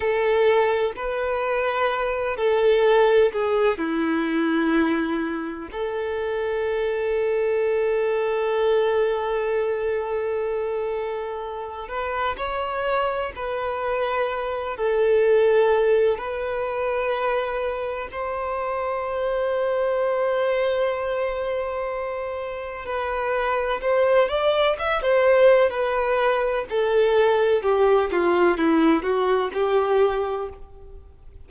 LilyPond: \new Staff \with { instrumentName = "violin" } { \time 4/4 \tempo 4 = 63 a'4 b'4. a'4 gis'8 | e'2 a'2~ | a'1~ | a'8 b'8 cis''4 b'4. a'8~ |
a'4 b'2 c''4~ | c''1 | b'4 c''8 d''8 e''16 c''8. b'4 | a'4 g'8 f'8 e'8 fis'8 g'4 | }